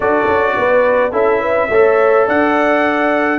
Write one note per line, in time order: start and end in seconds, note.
0.00 0.26 D4
0.00 1.12 F#4
0.00 0.54 A4
0.00 1.13 D5
0.27 0.55 C#4
0.57 1.12 B3
0.57 1.12 B4
1.12 1.68 C#4
1.12 1.68 E4
1.12 1.40 A4
1.12 2.28 E5
1.40 1.68 B4
1.70 2.27 A3
1.70 3.38 A4
1.70 2.27 C#5
2.27 3.38 D4
2.27 3.38 D5
2.27 3.38 F#5